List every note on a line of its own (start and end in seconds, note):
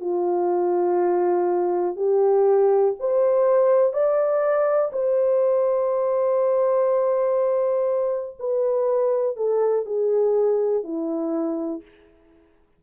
0.00 1.96 F4
1.96 2.94 G4
3.00 3.93 C5
3.93 4.91 D5
4.92 8.37 C5
8.39 9.36 B4
9.36 9.85 A4
9.85 10.83 G#4
10.83 11.82 E4